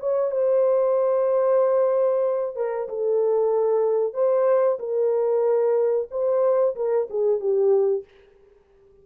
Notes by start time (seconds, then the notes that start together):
0.00 C#5
0.32 C5
2.56 A#4
2.89 A4
4.14 C5
4.79 A#4
6.11 C5
6.76 A#4
7.11 G#4
7.40 G4